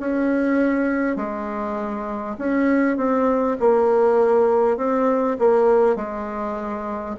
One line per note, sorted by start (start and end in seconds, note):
0.00 1.17 C#4
1.17 2.37 G#3
2.38 2.97 C#4
2.97 3.57 C4
3.61 4.77 A#3
4.77 5.37 C4
5.39 5.96 A#3
5.96 7.16 G#3